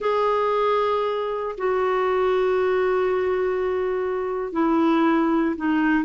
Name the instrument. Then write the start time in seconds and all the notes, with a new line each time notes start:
clarinet
0.00 G#4
1.57 F#4
4.52 E4
5.56 D#4